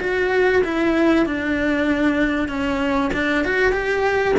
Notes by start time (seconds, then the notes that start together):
0.00 F#4
0.64 E4
1.25 D4
2.48 C#4
3.13 D4
3.44 F#4
3.72 G4